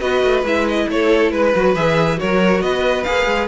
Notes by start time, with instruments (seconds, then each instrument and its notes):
0.00 cello B3, viola F#4, violin B4 D#5
0.24 cello A3
0.44 cello G#3, viola E4, violin E5
0.69 violin D#5
0.89 cello A3, violin A4 C#5
1.31 cello G#3, violin B4
1.55 cello F#3, viola F#4
1.76 cello E3, viola G#4, violin E5
2.17 viola F#4, violin A#4 C#5
2.23 cello F#3
2.62 cello B3, violin B4 D#5
3.04 cello A#3, viola G#4, violin F5
3.26 cello G#3